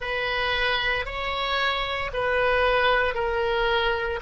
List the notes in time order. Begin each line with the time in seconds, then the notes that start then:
0.00 B4
1.05 C#5
2.13 B4
3.14 A#4